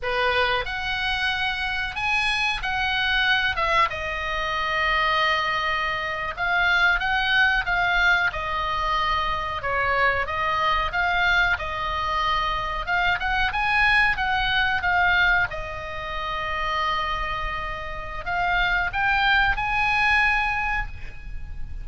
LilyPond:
\new Staff \with { instrumentName = "oboe" } { \time 4/4 \tempo 4 = 92 b'4 fis''2 gis''4 | fis''4. e''8 dis''2~ | dis''4.~ dis''16 f''4 fis''4 f''16~ | f''8. dis''2 cis''4 dis''16~ |
dis''8. f''4 dis''2 f''16~ | f''16 fis''8 gis''4 fis''4 f''4 dis''16~ | dis''1 | f''4 g''4 gis''2 | }